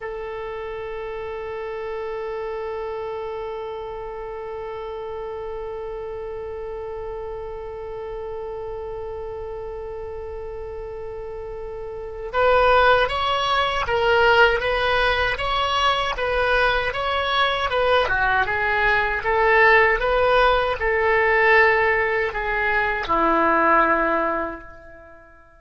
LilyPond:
\new Staff \with { instrumentName = "oboe" } { \time 4/4 \tempo 4 = 78 a'1~ | a'1~ | a'1~ | a'1 |
b'4 cis''4 ais'4 b'4 | cis''4 b'4 cis''4 b'8 fis'8 | gis'4 a'4 b'4 a'4~ | a'4 gis'4 e'2 | }